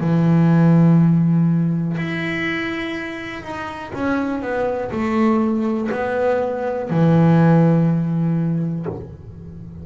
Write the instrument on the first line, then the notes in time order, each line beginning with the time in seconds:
double bass
0.00 E3
1.97 E4
3.42 D#4
3.94 C#4
4.42 B3
4.91 A3
5.92 B3
6.89 E3